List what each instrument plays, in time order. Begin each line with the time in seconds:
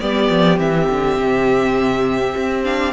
0.00 cello G3, viola B3, violin G4 D5
0.30 cello F3
0.57 cello E3, viola C4, violin E5
0.90 cello D3
1.17 cello C3
2.37 cello C4
2.64 viola D4, violin F5